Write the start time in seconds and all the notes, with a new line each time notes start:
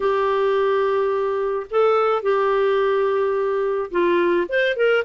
0.00 G4
1.70 A4
2.22 G4
3.91 F4
4.49 C5
4.76 A#4